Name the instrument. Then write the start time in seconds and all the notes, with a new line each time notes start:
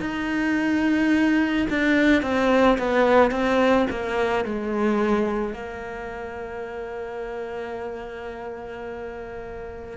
cello
0.00 D#4
1.70 D4
2.22 C4
2.78 B3
3.31 C4
3.90 A#3
4.44 G#3
5.54 A#3